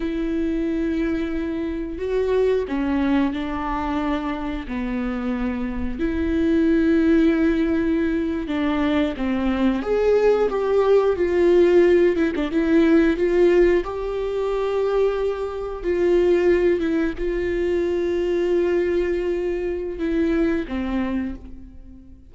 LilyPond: \new Staff \with { instrumentName = "viola" } { \time 4/4 \tempo 4 = 90 e'2. fis'4 | cis'4 d'2 b4~ | b4 e'2.~ | e'8. d'4 c'4 gis'4 g'16~ |
g'8. f'4. e'16 d'16 e'4 f'16~ | f'8. g'2. f'16~ | f'4~ f'16 e'8 f'2~ f'16~ | f'2 e'4 c'4 | }